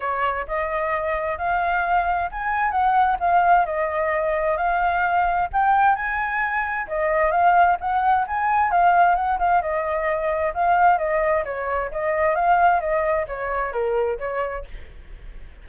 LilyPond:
\new Staff \with { instrumentName = "flute" } { \time 4/4 \tempo 4 = 131 cis''4 dis''2 f''4~ | f''4 gis''4 fis''4 f''4 | dis''2 f''2 | g''4 gis''2 dis''4 |
f''4 fis''4 gis''4 f''4 | fis''8 f''8 dis''2 f''4 | dis''4 cis''4 dis''4 f''4 | dis''4 cis''4 ais'4 cis''4 | }